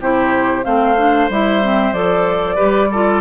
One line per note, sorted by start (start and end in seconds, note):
0.00 0.65 C3
0.00 0.64 E4
0.00 0.65 G4
0.00 0.65 C5
0.64 1.30 A3
0.64 0.96 C4
0.64 2.56 C5
0.64 1.29 F5
0.98 1.30 D4
1.30 1.93 G3
1.30 1.62 E4
1.30 1.93 E5
1.62 1.95 C4
1.93 2.57 F3
1.93 2.57 A4
1.93 3.21 D5
2.56 2.89 G4
2.56 2.88 B4
2.62 3.21 G3
2.91 3.21 F4
2.91 3.21 A4